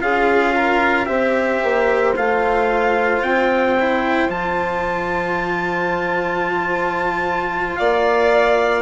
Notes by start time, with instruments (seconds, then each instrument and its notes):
0.00 bassoon C#4, cello F4, violin G#4, trumpet F5
0.55 violin A#4
1.06 bassoon C4, cello G4, violin C5, trumpet E5
1.62 bassoon A#3
2.16 bassoon A3, cello F4, trumpet F5
3.21 bassoon C4, trumpet G5
3.79 cello E4
4.28 bassoon F3, cello F4, trumpet A5
7.76 bassoon A#3, violin D5, trumpet F5